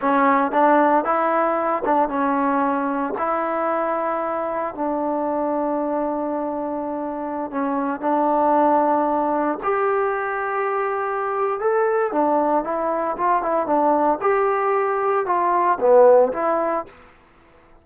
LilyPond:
\new Staff \with { instrumentName = "trombone" } { \time 4/4 \tempo 4 = 114 cis'4 d'4 e'4. d'8 | cis'2 e'2~ | e'4 d'2.~ | d'2~ d'16 cis'4 d'8.~ |
d'2~ d'16 g'4.~ g'16~ | g'2 a'4 d'4 | e'4 f'8 e'8 d'4 g'4~ | g'4 f'4 b4 e'4 | }